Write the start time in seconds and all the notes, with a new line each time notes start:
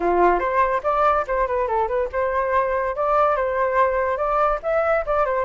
0.00 F4
0.39 C5
0.83 D5
1.27 C5
1.47 B4
1.67 A4
1.88 B4
2.12 C5
2.95 D5
3.36 C5
4.17 D5
4.63 E5
5.06 D5
5.25 C5